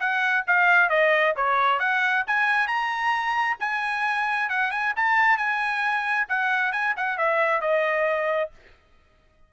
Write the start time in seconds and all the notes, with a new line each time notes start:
0.00 F#5
0.47 F5
0.90 D#5
1.36 C#5
1.80 F#5
2.27 G#5
2.67 A#5
3.60 G#5
4.50 F#5
4.71 G#5
4.96 A5
5.38 G#5
6.29 F#5
6.72 G#5
6.97 F#5
7.18 E5
7.61 D#5